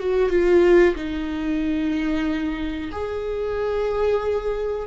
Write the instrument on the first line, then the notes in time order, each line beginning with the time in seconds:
viola
0.00 F#4
0.30 F4
0.96 D#4
2.92 G#4